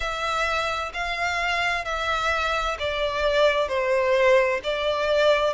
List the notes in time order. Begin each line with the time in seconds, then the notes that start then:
0.00 E5
0.93 F5
1.85 E5
2.79 D5
3.68 C5
4.63 D5